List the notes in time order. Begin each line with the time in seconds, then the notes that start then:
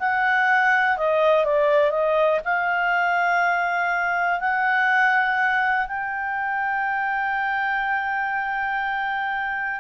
0.00 F#5
0.97 D#5
1.45 D5
1.91 D#5
2.45 F5
4.40 F#5
5.87 G5